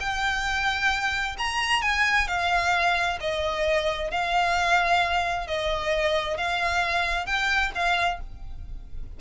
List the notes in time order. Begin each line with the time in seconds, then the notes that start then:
0.00 G5
1.38 A#5
1.82 G#5
2.28 F5
3.20 D#5
4.11 F5
5.47 D#5
6.37 F5
7.26 G5
7.75 F5